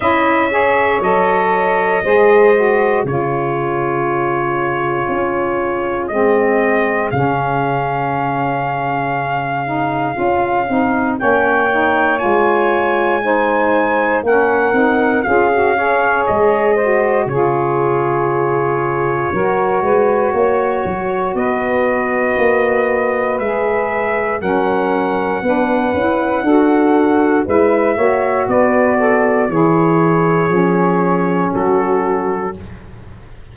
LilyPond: <<
  \new Staff \with { instrumentName = "trumpet" } { \time 4/4 \tempo 4 = 59 e''4 dis''2 cis''4~ | cis''2 dis''4 f''4~ | f''2. g''4 | gis''2 fis''4 f''4 |
dis''4 cis''2.~ | cis''4 dis''2 e''4 | fis''2. e''4 | d''4 cis''2 a'4 | }
  \new Staff \with { instrumentName = "saxophone" } { \time 4/4 dis''8 cis''4. c''4 gis'4~ | gis'1~ | gis'2. cis''4~ | cis''4 c''4 ais'4 gis'8 cis''8~ |
cis''8 c''8 gis'2 ais'8 b'8 | cis''4 b'2. | ais'4 b'4 a'4 b'8 cis''8 | b'8 a'8 gis'2 fis'4 | }
  \new Staff \with { instrumentName = "saxophone" } { \time 4/4 e'8 gis'8 a'4 gis'8 fis'8 f'4~ | f'2 c'4 cis'4~ | cis'4. dis'8 f'8 dis'8 cis'8 dis'8 | f'4 dis'4 cis'8 dis'8 f'16 fis'16 gis'8~ |
gis'8 fis'8 f'2 fis'4~ | fis'2. gis'4 | cis'4 d'8 e'8 fis'4 e'8 fis'8~ | fis'4 e'4 cis'2 | }
  \new Staff \with { instrumentName = "tuba" } { \time 4/4 cis'4 fis4 gis4 cis4~ | cis4 cis'4 gis4 cis4~ | cis2 cis'8 c'8 ais4 | gis2 ais8 c'8 cis'4 |
gis4 cis2 fis8 gis8 | ais8 fis8 b4 ais4 gis4 | fis4 b8 cis'8 d'4 gis8 ais8 | b4 e4 f4 fis4 | }
>>